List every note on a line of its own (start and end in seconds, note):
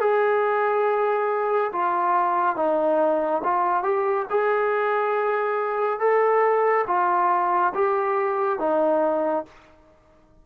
0.00 1.71 G#4
1.72 2.56 F4
2.56 3.42 D#4
3.43 3.83 F4
3.83 4.26 G4
4.30 6.00 G#4
6.00 6.85 A4
6.87 7.73 F4
7.74 8.59 G4
8.59 9.45 D#4